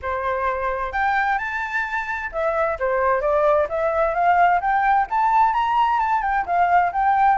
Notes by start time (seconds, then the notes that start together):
0.01 C5
0.92 G5
1.38 A5
2.32 E5
2.79 C5
3.21 D5
3.69 E5
4.14 F5
4.60 G5
5.10 A5
5.53 A#5
5.99 A5
6.22 G5
6.46 F5
6.92 G5